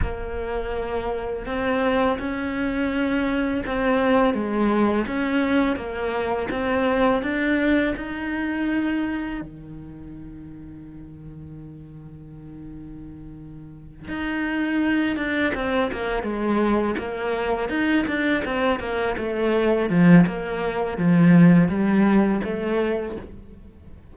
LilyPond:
\new Staff \with { instrumentName = "cello" } { \time 4/4 \tempo 4 = 83 ais2 c'4 cis'4~ | cis'4 c'4 gis4 cis'4 | ais4 c'4 d'4 dis'4~ | dis'4 dis2.~ |
dis2.~ dis8 dis'8~ | dis'4 d'8 c'8 ais8 gis4 ais8~ | ais8 dis'8 d'8 c'8 ais8 a4 f8 | ais4 f4 g4 a4 | }